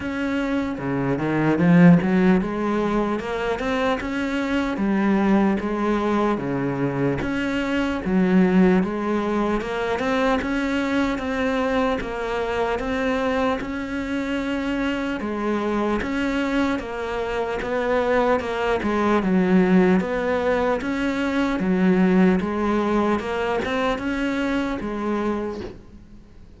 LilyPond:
\new Staff \with { instrumentName = "cello" } { \time 4/4 \tempo 4 = 75 cis'4 cis8 dis8 f8 fis8 gis4 | ais8 c'8 cis'4 g4 gis4 | cis4 cis'4 fis4 gis4 | ais8 c'8 cis'4 c'4 ais4 |
c'4 cis'2 gis4 | cis'4 ais4 b4 ais8 gis8 | fis4 b4 cis'4 fis4 | gis4 ais8 c'8 cis'4 gis4 | }